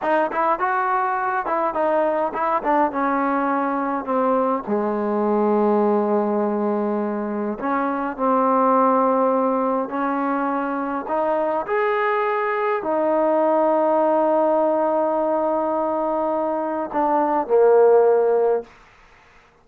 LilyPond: \new Staff \with { instrumentName = "trombone" } { \time 4/4 \tempo 4 = 103 dis'8 e'8 fis'4. e'8 dis'4 | e'8 d'8 cis'2 c'4 | gis1~ | gis4 cis'4 c'2~ |
c'4 cis'2 dis'4 | gis'2 dis'2~ | dis'1~ | dis'4 d'4 ais2 | }